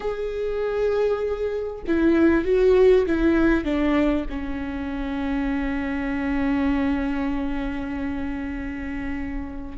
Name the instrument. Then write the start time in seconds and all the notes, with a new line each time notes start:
viola
0.00 G#4
1.87 E4
2.44 F#4
3.06 E4
3.64 D4
4.29 C#4